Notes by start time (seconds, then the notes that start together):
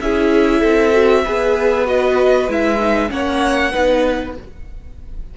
0.00 C#4 E4 G#4 E5
0.60 C4 A4
0.92 F#4
1.24 B3 G#4 B4
1.85 F#4 D#5
2.48 G#3 E4 E5
2.78 D#4
3.08 A#3 C#4 C#5 F#5
3.72 B3 D#4 B4